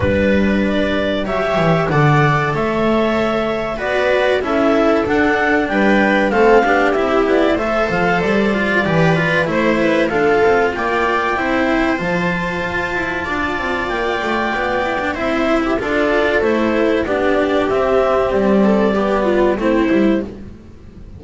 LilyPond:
<<
  \new Staff \with { instrumentName = "clarinet" } { \time 4/4 \tempo 4 = 95 b'4 d''4 e''4 fis''4 | e''2 d''4 e''4 | fis''4 g''4 f''4 e''8 d''8 | e''8 f''8 d''2 c''4 |
f''4 g''2 a''4~ | a''2 g''2 | e''4 d''4 c''4 d''4 | e''4 d''2 c''4 | }
  \new Staff \with { instrumentName = "viola" } { \time 4/4 b'2 cis''4 d''4 | cis''2 b'4 a'4~ | a'4 b'4 a'8 g'4. | c''2 b'4 c''8 b'8 |
a'4 d''4 c''2~ | c''4 d''2. | c''8. g'16 a'2 g'4~ | g'4. a'8 g'8 f'8 e'4 | }
  \new Staff \with { instrumentName = "cello" } { \time 4/4 d'2 g'4 a'4~ | a'2 fis'4 e'4 | d'2 c'8 d'8 e'4 | a'4. f'8 g'8 f'8 e'4 |
f'2 e'4 f'4~ | f'2.~ f'8 e'16 d'16 | e'4 f'4 e'4 d'4 | c'2 b4 c'8 e'8 | }
  \new Staff \with { instrumentName = "double bass" } { \time 4/4 g2 fis8 e8 d4 | a2 b4 cis'4 | d'4 g4 a8 b8 c'8 b8 | a8 f8 g4 e4 a4 |
d'8 c'8 ais4 c'4 f4 | f'8 e'8 d'8 c'8 ais8 a8 b4 | c'4 d'4 a4 b4 | c'4 g2 a8 g8 | }
>>